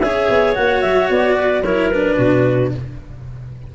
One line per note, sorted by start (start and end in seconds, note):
0.00 0.29 C#4
0.00 0.55 G#4
0.00 1.36 C#5
0.00 0.54 E5
0.29 0.56 B3
0.55 0.83 A#3
0.55 1.63 F#4
0.55 0.81 F#5
0.81 1.10 F#3
0.81 1.08 E5
1.10 1.64 B3
1.10 1.64 D5
1.36 1.63 B4
1.64 2.18 F#3
1.64 1.93 E4
1.64 2.16 A#4
1.64 1.91 C#5
1.91 2.75 D4
1.91 2.72 B4
2.16 2.72 B2
2.16 2.70 F#4